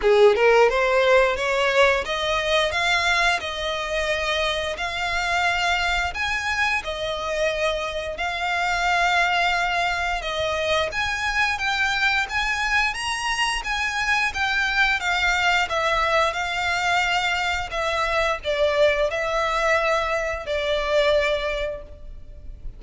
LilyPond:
\new Staff \with { instrumentName = "violin" } { \time 4/4 \tempo 4 = 88 gis'8 ais'8 c''4 cis''4 dis''4 | f''4 dis''2 f''4~ | f''4 gis''4 dis''2 | f''2. dis''4 |
gis''4 g''4 gis''4 ais''4 | gis''4 g''4 f''4 e''4 | f''2 e''4 d''4 | e''2 d''2 | }